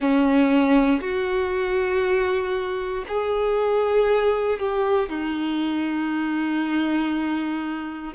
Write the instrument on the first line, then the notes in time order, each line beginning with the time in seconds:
violin
0.00 C#4
1.01 F#4
3.07 G#4
4.59 G4
5.08 D#4